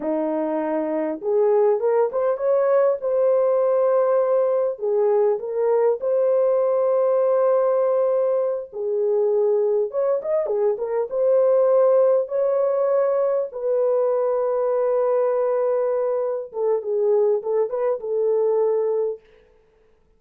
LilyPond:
\new Staff \with { instrumentName = "horn" } { \time 4/4 \tempo 4 = 100 dis'2 gis'4 ais'8 c''8 | cis''4 c''2. | gis'4 ais'4 c''2~ | c''2~ c''8 gis'4.~ |
gis'8 cis''8 dis''8 gis'8 ais'8 c''4.~ | c''8 cis''2 b'4.~ | b'2.~ b'8 a'8 | gis'4 a'8 b'8 a'2 | }